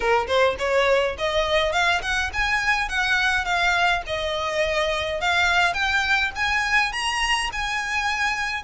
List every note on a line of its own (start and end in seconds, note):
0.00 0.26 A#4
0.27 0.56 C5
0.58 1.16 C#5
1.18 1.72 D#5
1.72 2.01 F5
2.02 2.31 F#5
2.33 2.88 G#5
2.88 3.44 F#5
3.44 4.02 F5
4.06 5.20 D#5
5.20 5.73 F5
5.73 6.31 G5
6.35 6.92 G#5
6.92 7.49 A#5
7.52 8.63 G#5